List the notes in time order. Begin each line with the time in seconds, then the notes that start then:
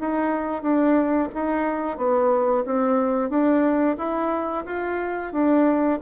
0.00 D#4
0.62 D4
1.34 D#4
1.97 B3
2.65 C4
3.29 D4
3.98 E4
4.66 F4
5.32 D4